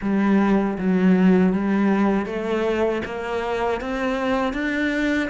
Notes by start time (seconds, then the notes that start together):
0.01 G3
0.78 F#3
1.53 G3
2.26 A3
3.05 A#3
3.80 C4
4.53 D4